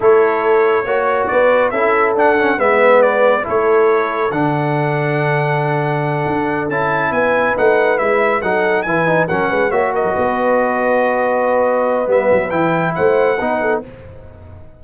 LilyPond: <<
  \new Staff \with { instrumentName = "trumpet" } { \time 4/4 \tempo 4 = 139 cis''2. d''4 | e''4 fis''4 e''4 d''4 | cis''2 fis''2~ | fis''2.~ fis''8 a''8~ |
a''8 gis''4 fis''4 e''4 fis''8~ | fis''8 gis''4 fis''4 e''8 dis''4~ | dis''1 | e''4 g''4 fis''2 | }
  \new Staff \with { instrumentName = "horn" } { \time 4/4 a'2 cis''4 b'4 | a'2 b'2 | a'1~ | a'1~ |
a'8 b'2. a'8~ | a'8 b'4 ais'8 b'8 cis''8 ais'8 b'8~ | b'1~ | b'2 c''4 b'8 a'8 | }
  \new Staff \with { instrumentName = "trombone" } { \time 4/4 e'2 fis'2 | e'4 d'8 cis'8 b2 | e'2 d'2~ | d'2.~ d'8 e'8~ |
e'4. dis'4 e'4 dis'8~ | dis'8 e'8 dis'8 cis'4 fis'4.~ | fis'1 | b4 e'2 dis'4 | }
  \new Staff \with { instrumentName = "tuba" } { \time 4/4 a2 ais4 b4 | cis'4 d'4 gis2 | a2 d2~ | d2~ d8 d'4 cis'8~ |
cis'8 b4 a4 gis4 fis8~ | fis8 e4 fis8 gis8 ais8. fis16 b8~ | b1 | g8 fis8 e4 a4 b4 | }
>>